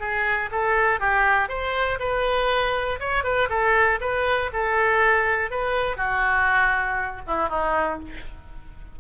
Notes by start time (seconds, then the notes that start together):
0.00 G#4
0.52 A4
1.00 G4
1.49 C5
2.00 B4
3.00 C#5
3.24 B4
3.50 A4
4.01 B4
4.53 A4
5.51 B4
5.97 F#4
7.27 E4
7.50 D#4